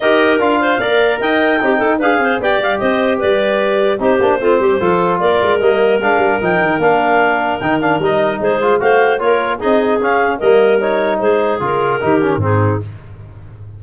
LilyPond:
<<
  \new Staff \with { instrumentName = "clarinet" } { \time 4/4 \tempo 4 = 150 dis''4 f''2 g''4~ | g''4 f''4 g''8 f''8 dis''4 | d''2 c''2~ | c''4 d''4 dis''4 f''4 |
g''4 f''2 g''8 f''8 | dis''4 c''4 f''4 cis''4 | dis''4 f''4 dis''4 cis''4 | c''4 ais'2 gis'4 | }
  \new Staff \with { instrumentName = "clarinet" } { \time 4/4 ais'4. c''8 d''4 dis''4 | g'8 a'8 b'8 c''8 d''4 c''4 | b'2 g'4 f'8 g'8 | a'4 ais'2.~ |
ais'1~ | ais'4 gis'4 c''4 ais'4 | gis'2 ais'2 | gis'2 g'4 dis'4 | }
  \new Staff \with { instrumentName = "trombone" } { \time 4/4 g'4 f'4 ais'2 | dis'4 gis'4 g'2~ | g'2 dis'8 d'8 c'4 | f'2 ais4 d'4 |
dis'4 d'2 dis'8 d'8 | dis'4. f'8 fis'4 f'4 | dis'4 cis'4 ais4 dis'4~ | dis'4 f'4 dis'8 cis'8 c'4 | }
  \new Staff \with { instrumentName = "tuba" } { \time 4/4 dis'4 d'4 ais4 dis'4 | c'8 dis'8 d'8 c'8 b8 g8 c'4 | g2 c'8 ais8 a8 g8 | f4 ais8 gis8 g4 gis8 g8 |
f8 dis8 ais2 dis4 | g4 gis4 a4 ais4 | c'4 cis'4 g2 | gis4 cis4 dis4 gis,4 | }
>>